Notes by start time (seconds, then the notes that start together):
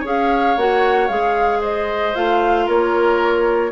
0.00 C#4 G#4 C#5
0.07 F5
0.56 A#3 F#4 F#5
1.08 G#3 G#4 F5
1.61 C5 D#5
2.14 A3 F4 F5
2.66 A#3 A#4 C#5